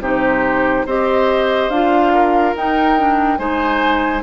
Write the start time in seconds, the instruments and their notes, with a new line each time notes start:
0.00 bassoon C3, clarinet D#4, oboe G4, flute C5
0.85 bassoon C4, clarinet G4, oboe C5, flute D#5
1.69 bassoon D4, clarinet F4, flute F5
2.14 oboe A#4
2.55 bassoon D#4, clarinet D#4, flute G5
2.98 clarinet D4
3.37 bassoon G#3, clarinet D#4, oboe C5, flute G#5